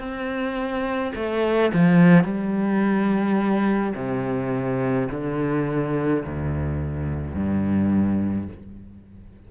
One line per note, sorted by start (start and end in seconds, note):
0.00 1.13 C4
1.16 1.72 A3
1.73 2.24 F3
2.24 3.94 G3
3.96 5.09 C3
5.11 6.25 D3
6.26 7.35 D2
7.35 8.49 G2